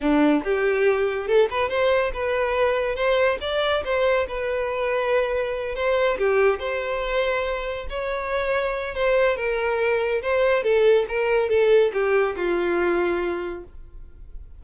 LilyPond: \new Staff \with { instrumentName = "violin" } { \time 4/4 \tempo 4 = 141 d'4 g'2 a'8 b'8 | c''4 b'2 c''4 | d''4 c''4 b'2~ | b'4. c''4 g'4 c''8~ |
c''2~ c''8 cis''4.~ | cis''4 c''4 ais'2 | c''4 a'4 ais'4 a'4 | g'4 f'2. | }